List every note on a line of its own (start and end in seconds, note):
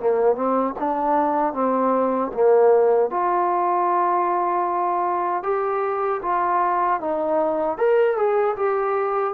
0.00 0.35 A#3
0.35 0.75 C4
0.79 1.54 D4
1.54 2.32 C4
2.34 3.11 A#3
3.11 5.43 F4
5.43 6.21 G4
6.22 7.00 F4
7.00 7.78 D#4
7.78 8.17 A#4
8.17 8.56 G#4
8.56 9.34 G4